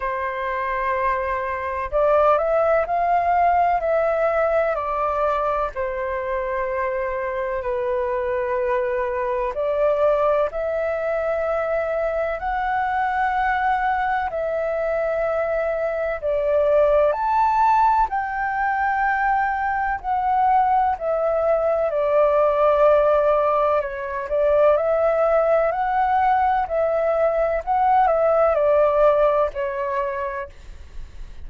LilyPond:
\new Staff \with { instrumentName = "flute" } { \time 4/4 \tempo 4 = 63 c''2 d''8 e''8 f''4 | e''4 d''4 c''2 | b'2 d''4 e''4~ | e''4 fis''2 e''4~ |
e''4 d''4 a''4 g''4~ | g''4 fis''4 e''4 d''4~ | d''4 cis''8 d''8 e''4 fis''4 | e''4 fis''8 e''8 d''4 cis''4 | }